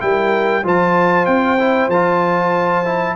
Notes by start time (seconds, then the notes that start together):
0.00 G3 E4 A#4 G5
0.64 F3 F4 C5 A5
1.26 C4 G5
1.59 E4
1.88 F3 F4 A5
2.85 E4